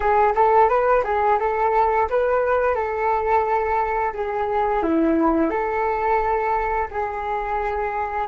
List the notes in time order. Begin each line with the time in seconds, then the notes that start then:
0.00 G#4
0.35 A4
0.68 B4
1.04 G#4
1.39 A4
2.09 B4
2.75 A4
4.13 G#4
4.82 E4
5.50 A4
6.91 G#4